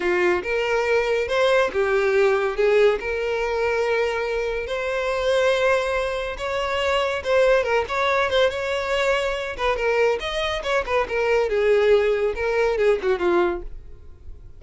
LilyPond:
\new Staff \with { instrumentName = "violin" } { \time 4/4 \tempo 4 = 141 f'4 ais'2 c''4 | g'2 gis'4 ais'4~ | ais'2. c''4~ | c''2. cis''4~ |
cis''4 c''4 ais'8 cis''4 c''8 | cis''2~ cis''8 b'8 ais'4 | dis''4 cis''8 b'8 ais'4 gis'4~ | gis'4 ais'4 gis'8 fis'8 f'4 | }